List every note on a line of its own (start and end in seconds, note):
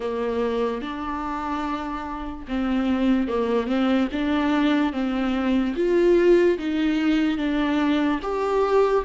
0.00 0.81 A#3
0.81 2.46 D4
2.48 3.28 C4
3.28 3.67 A#3
3.67 4.08 C4
4.11 4.92 D4
4.92 5.75 C4
5.75 6.58 F4
6.58 7.37 D#4
7.37 8.19 D4
8.22 9.04 G4